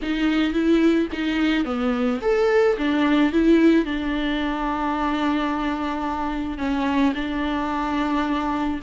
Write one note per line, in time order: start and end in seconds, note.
0.02 0.53 D#4
0.53 1.08 E4
1.12 1.64 D#4
1.64 2.19 B3
2.21 2.76 A4
2.77 3.32 D4
3.32 3.85 E4
3.85 6.58 D4
6.58 7.13 C#4
7.15 8.80 D4